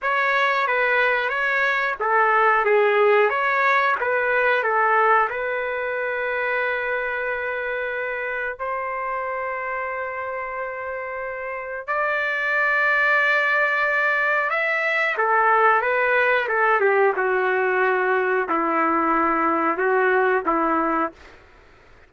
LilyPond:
\new Staff \with { instrumentName = "trumpet" } { \time 4/4 \tempo 4 = 91 cis''4 b'4 cis''4 a'4 | gis'4 cis''4 b'4 a'4 | b'1~ | b'4 c''2.~ |
c''2 d''2~ | d''2 e''4 a'4 | b'4 a'8 g'8 fis'2 | e'2 fis'4 e'4 | }